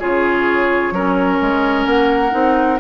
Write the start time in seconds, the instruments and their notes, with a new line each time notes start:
0.00 bassoon C#3, clarinet F4, oboe G#4, flute C#5
0.91 bassoon F#3, clarinet C#4, oboe A#4
1.42 bassoon G#3
1.86 bassoon A#3, flute F#5
2.31 bassoon C4, clarinet D#4